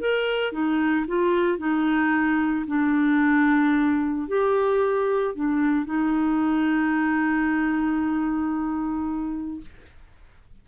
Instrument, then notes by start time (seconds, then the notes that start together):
clarinet
0.00 A#4
0.52 D#4
1.07 F4
1.58 D#4
2.67 D4
4.28 G4
5.35 D4
5.85 D#4